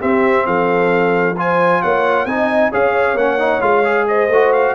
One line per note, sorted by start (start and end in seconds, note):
0.00 1.35 C4
0.00 0.46 C4
0.00 0.45 G4
0.00 0.46 E5
0.46 1.81 F3
0.46 1.37 A4
0.46 1.36 F5
1.37 2.27 F4
1.37 1.82 C5
1.37 1.82 G#5
1.82 2.25 A#3
1.82 2.27 C#5
1.82 2.26 F#5
2.25 2.70 C4
2.25 2.72 D#4
2.25 2.71 D#5
2.25 2.71 G#5
2.71 3.14 C#4
2.71 3.17 G#4
2.71 4.06 C#5
2.71 3.17 F5
3.14 3.59 A#3
3.14 3.39 C#4
3.14 3.61 F#5
3.39 3.61 D#4
3.61 4.28 G#3
3.61 3.83 F4
3.61 4.06 F5
3.84 4.29 G#4
4.08 4.74 C5
4.08 4.53 D#5
4.28 4.73 A3
4.28 4.74 F#4
4.53 4.74 F5